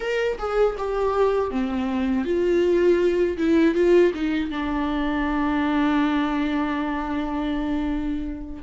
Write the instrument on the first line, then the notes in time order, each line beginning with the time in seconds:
viola
0.00 A#4
0.38 G#4
0.78 G4
1.50 C4
2.24 F4
3.37 E4
3.75 F4
4.14 D#4
4.50 D4